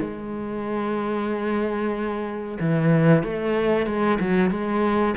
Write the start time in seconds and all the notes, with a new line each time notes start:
0.00 G#3
2.60 E3
3.23 A3
3.86 G#3
4.20 F#3
4.50 G#3